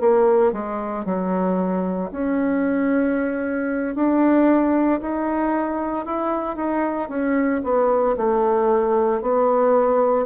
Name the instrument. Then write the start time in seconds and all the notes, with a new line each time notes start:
bassoon
0.00 A#3
0.53 G#3
1.05 F#3
2.11 C#4
3.95 D4
5.01 D#4
6.06 E4
6.56 D#4
7.09 C#4
7.64 B3
8.17 A3
9.22 B3